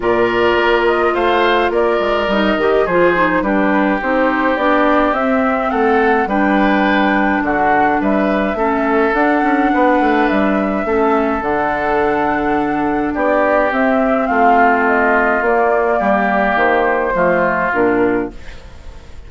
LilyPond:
<<
  \new Staff \with { instrumentName = "flute" } { \time 4/4 \tempo 4 = 105 d''4. dis''8 f''4 d''4 | dis''4 c''4 b'4 c''4 | d''4 e''4 fis''4 g''4~ | g''4 fis''4 e''2 |
fis''2 e''2 | fis''2. d''4 | e''4 f''4 dis''4 d''4~ | d''4 c''2 ais'4 | }
  \new Staff \with { instrumentName = "oboe" } { \time 4/4 ais'2 c''4 ais'4~ | ais'4 gis'4 g'2~ | g'2 a'4 b'4~ | b'4 fis'4 b'4 a'4~ |
a'4 b'2 a'4~ | a'2. g'4~ | g'4 f'2. | g'2 f'2 | }
  \new Staff \with { instrumentName = "clarinet" } { \time 4/4 f'1 | dis'8 g'8 f'8 dis'8 d'4 dis'4 | d'4 c'2 d'4~ | d'2. cis'4 |
d'2. cis'4 | d'1 | c'2. ais4~ | ais2 a4 d'4 | }
  \new Staff \with { instrumentName = "bassoon" } { \time 4/4 ais,4 ais4 a4 ais8 gis8 | g8 dis8 f4 g4 c'4 | b4 c'4 a4 g4~ | g4 d4 g4 a4 |
d'8 cis'8 b8 a8 g4 a4 | d2. b4 | c'4 a2 ais4 | g4 dis4 f4 ais,4 | }
>>